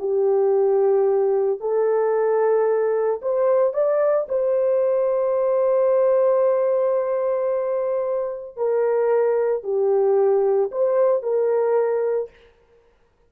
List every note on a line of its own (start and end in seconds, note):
0.00 1.61 G4
1.61 3.21 A4
3.22 3.74 C5
3.74 4.27 D5
4.29 8.57 C5
8.57 9.64 A#4
9.64 10.71 G4
10.72 11.23 C5
11.23 12.30 A#4